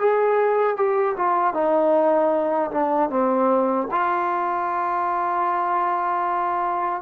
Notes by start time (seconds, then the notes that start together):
0.00 G#4
0.77 G4
1.17 F4
1.54 D#4
2.71 D4
3.10 C4
3.91 F4